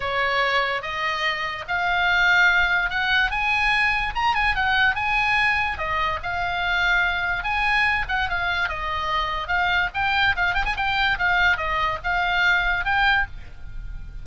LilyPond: \new Staff \with { instrumentName = "oboe" } { \time 4/4 \tempo 4 = 145 cis''2 dis''2 | f''2. fis''4 | gis''2 ais''8 gis''8 fis''4 | gis''2 dis''4 f''4~ |
f''2 gis''4. fis''8 | f''4 dis''2 f''4 | g''4 f''8 g''16 gis''16 g''4 f''4 | dis''4 f''2 g''4 | }